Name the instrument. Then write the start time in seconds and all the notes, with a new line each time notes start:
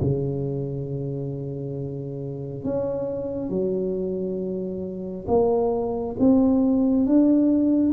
tuba
0.00 C#3
2.64 C#4
3.49 F#3
5.27 A#3
6.19 C4
7.06 D4